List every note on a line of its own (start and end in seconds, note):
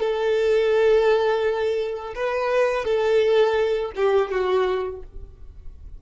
0.00 2.14 A4
2.15 2.85 B4
2.85 3.92 A4
3.96 4.31 G4
4.31 5.03 F#4